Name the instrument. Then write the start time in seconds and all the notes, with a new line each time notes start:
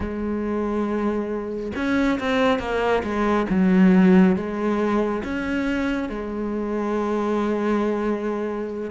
cello
0.00 G#3
1.75 C#4
2.19 C4
2.59 A#3
3.03 G#3
3.49 F#3
4.36 G#3
5.23 C#4
6.09 G#3